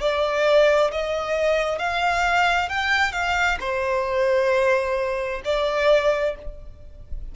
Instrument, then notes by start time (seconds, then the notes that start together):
violin
0.00 D5
0.91 D#5
1.78 F5
2.69 G5
3.12 F5
3.60 C5
5.44 D5